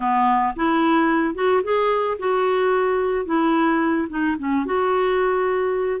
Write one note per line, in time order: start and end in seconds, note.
0.00 0.54 B3
0.56 1.34 E4
1.34 1.61 F#4
1.63 2.17 G#4
2.18 3.25 F#4
3.25 4.07 E4
4.09 4.36 D#4
4.38 4.65 C#4
4.65 6.00 F#4